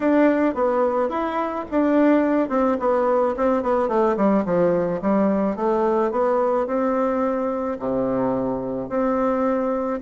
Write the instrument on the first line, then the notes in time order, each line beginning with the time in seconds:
bassoon
0.00 D4
0.54 B3
1.09 E4
1.70 D4
2.49 C4
2.79 B3
3.37 C4
3.62 B3
3.88 A3
4.16 G3
4.45 F3
5.02 G3
5.56 A3
6.11 B3
6.66 C4
7.79 C3
8.89 C4